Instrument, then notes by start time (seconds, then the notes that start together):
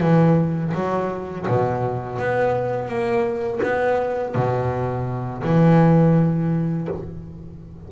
double bass
0.00 E3
0.74 F#3
1.48 B2
2.19 B3
2.88 A#3
3.63 B3
4.35 B2
5.43 E3